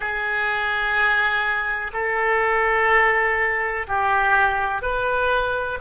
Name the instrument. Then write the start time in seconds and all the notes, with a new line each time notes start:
oboe
0.00 G#4
1.93 A4
3.87 G4
4.81 B4